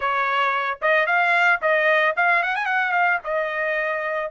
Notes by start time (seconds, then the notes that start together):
0.00 C#5
0.81 D#5
1.06 F5
1.61 D#5
2.16 F5
2.42 F#5
2.55 G#5
2.65 F#5
2.92 F5
3.24 D#5